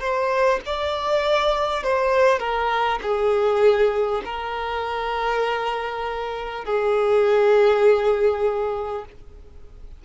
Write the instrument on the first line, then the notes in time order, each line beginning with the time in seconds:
violin
0.00 C5
0.65 D5
1.83 C5
2.39 A#4
3.02 G#4
4.25 A#4
6.64 G#4